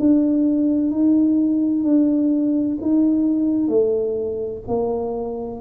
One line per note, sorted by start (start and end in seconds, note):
0.00 0.91 D4
0.91 1.84 D#4
1.84 2.78 D4
2.82 3.69 D#4
3.69 4.63 A3
4.68 5.61 A#3